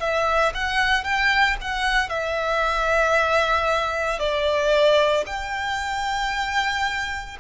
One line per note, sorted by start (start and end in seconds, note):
0.00 0.53 E5
0.55 1.04 F#5
1.04 1.56 G5
1.61 2.10 F#5
2.10 4.19 E5
4.19 5.24 D5
5.27 7.37 G5